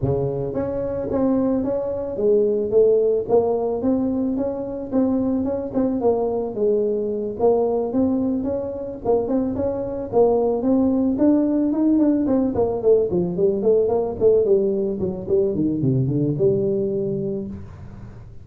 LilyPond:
\new Staff \with { instrumentName = "tuba" } { \time 4/4 \tempo 4 = 110 cis4 cis'4 c'4 cis'4 | gis4 a4 ais4 c'4 | cis'4 c'4 cis'8 c'8 ais4 | gis4. ais4 c'4 cis'8~ |
cis'8 ais8 c'8 cis'4 ais4 c'8~ | c'8 d'4 dis'8 d'8 c'8 ais8 a8 | f8 g8 a8 ais8 a8 g4 fis8 | g8 dis8 c8 d8 g2 | }